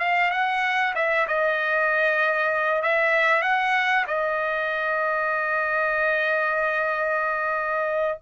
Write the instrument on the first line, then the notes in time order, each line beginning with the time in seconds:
trumpet
0.00 F5
0.31 F#5
0.96 E5
1.28 D#5
2.82 E5
3.42 F#5
4.08 D#5